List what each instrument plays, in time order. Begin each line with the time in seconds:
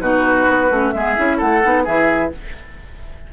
0.00 bassoon B2, clarinet D#4, oboe F#4, flute B4
0.48 bassoon B3
0.70 bassoon A3, clarinet C#4
0.91 bassoon G#3, clarinet B3, oboe G#4, flute E5
1.16 bassoon C#4, clarinet E4
1.37 bassoon A3, oboe A4, flute F#5
1.62 bassoon B3, clarinet D#4
1.84 bassoon E3, clarinet E4, oboe G#4, flute E5